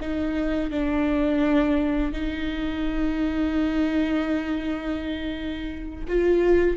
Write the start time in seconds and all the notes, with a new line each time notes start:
0.00 D#4
0.71 D4
2.12 D#4
6.07 F4